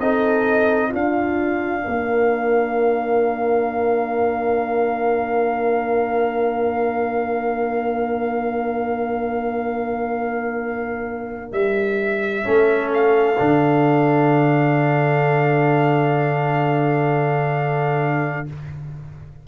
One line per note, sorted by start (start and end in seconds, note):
0.00 0.92 C4
0.00 0.92 D#4
0.00 0.89 A4
0.00 0.93 D#5
0.89 12.44 D4
0.89 1.86 D4
0.89 1.81 F4
0.95 11.53 F5
1.84 11.52 A#3
1.84 12.45 A#4
11.52 12.44 G3
11.52 12.91 E5
12.44 13.39 A3
12.44 13.36 C#4
12.44 18.45 A4
12.93 18.47 F5
13.38 18.48 D3
13.38 18.46 D4